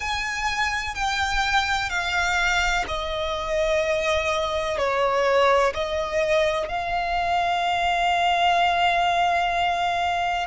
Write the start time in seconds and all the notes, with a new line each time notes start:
0.00 G#5
0.94 G5
1.89 F5
2.87 D#5
4.77 C#5
5.74 D#5
6.68 F5